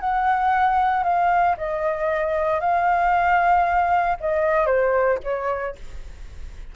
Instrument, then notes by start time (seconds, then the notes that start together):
flute
0.00 F#5
1.03 F5
1.57 D#5
2.60 F5
4.20 D#5
4.66 C5
5.23 C#5